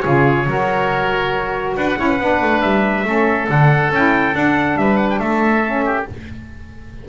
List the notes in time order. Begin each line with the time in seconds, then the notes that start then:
0.00 C#3 F4 G#4 C#5
0.46 F#3 F#4 A#4
1.76 D4 B4 F#5
1.96 C#4 E4 C#5
2.09 B4
2.20 B3 D4
2.41 A3
2.61 G3 E5
3.04 A3 C#4 A4
3.47 D3 D4 F#5
3.90 C#4 E4 G5
4.33 D4 F#5
4.76 G3 B4 E5
4.97 F#5
5.10 G5
5.19 A3 A4 E5
5.65 C#4
5.85 G4